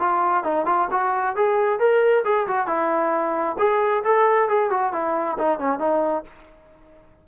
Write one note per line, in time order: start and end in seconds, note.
0.00 0.44 F4
0.44 0.66 D#4
0.66 0.88 F4
0.91 1.36 F#4
1.36 1.80 G#4
1.80 2.24 A#4
2.25 2.47 G#4
2.47 2.67 F#4
2.67 3.57 E4
3.59 4.04 G#4
4.05 4.49 A4
4.49 4.71 G#4
4.71 4.93 F#4
4.93 5.38 E4
5.38 5.59 D#4
5.59 5.79 C#4
5.79 6.24 D#4